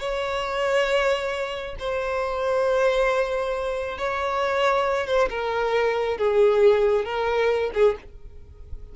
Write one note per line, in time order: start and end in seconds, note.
0.00 1.76 C#5
1.79 3.98 C5
3.98 5.07 C#5
5.07 5.29 C5
5.30 6.18 A#4
6.18 7.05 G#4
7.05 7.71 A#4
7.74 7.96 G#4